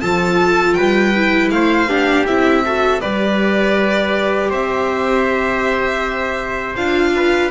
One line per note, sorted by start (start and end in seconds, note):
0.00 0.77 F3
0.00 1.14 F4
0.00 0.77 A4
0.00 0.74 A5
0.74 1.50 G3
0.74 1.52 B4
0.74 1.49 G5
1.15 1.89 E4
1.50 1.87 A3
1.50 1.89 C5
1.50 2.25 F5
1.87 2.24 B3
1.87 2.26 D4
1.87 2.64 G4
2.26 3.01 C4
2.26 2.65 E4
2.26 3.00 E5
2.65 3.01 F#4
2.65 3.01 A4
3.00 4.50 G3
3.00 6.76 G4
3.00 4.50 B4
3.00 4.50 D5
4.50 6.75 C4
4.50 7.12 C5
4.50 6.75 E5
6.75 7.51 D4
6.75 7.51 F4
6.75 7.50 F5
7.16 7.51 B4